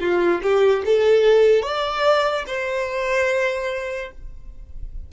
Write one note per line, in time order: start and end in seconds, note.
0.00 0.41 F4
0.42 0.83 G4
0.85 1.63 A4
1.63 2.45 D5
2.47 4.11 C5